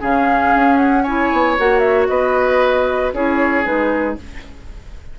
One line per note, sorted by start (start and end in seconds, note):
0.00 0.54 C#3
0.00 1.04 C#4
0.00 1.03 G#4
0.00 0.77 F5
0.55 1.32 C#4
0.77 1.03 F#5
1.03 1.59 E4
1.03 2.07 C#5
1.03 1.55 G#5
1.32 1.59 B3
1.59 2.09 A#3
1.59 3.14 F#4
1.59 1.79 F#5
1.79 2.05 E5
2.07 3.13 B3
2.07 3.14 B4
2.07 3.12 D#5
3.13 3.65 C#4
3.13 3.64 E4
3.13 4.19 G#4
3.13 3.65 C#5
3.64 4.18 G#3
3.64 4.16 D#4
3.64 4.17 B4